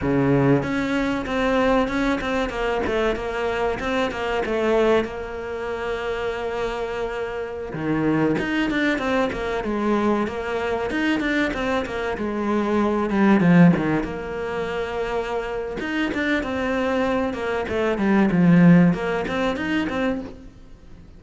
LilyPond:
\new Staff \with { instrumentName = "cello" } { \time 4/4 \tempo 4 = 95 cis4 cis'4 c'4 cis'8 c'8 | ais8 a8 ais4 c'8 ais8 a4 | ais1~ | ais16 dis4 dis'8 d'8 c'8 ais8 gis8.~ |
gis16 ais4 dis'8 d'8 c'8 ais8 gis8.~ | gis8. g8 f8 dis8 ais4.~ ais16~ | ais4 dis'8 d'8 c'4. ais8 | a8 g8 f4 ais8 c'8 dis'8 c'8 | }